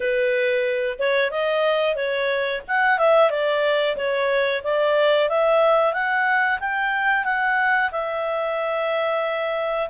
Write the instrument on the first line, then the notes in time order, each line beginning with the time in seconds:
clarinet
0.00 B4
0.99 C#5
1.30 D#5
1.95 C#5
2.67 F#5
2.98 E5
3.30 D5
3.96 C#5
4.63 D5
5.29 E5
5.93 F#5
6.60 G5
7.24 F#5
7.91 E5